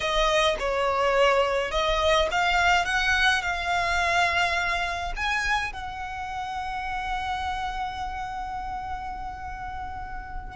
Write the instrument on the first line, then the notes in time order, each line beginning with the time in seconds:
violin
0.00 D#5
0.59 C#5
1.71 D#5
2.31 F5
2.85 F#5
3.42 F5
5.16 G#5
5.72 F#5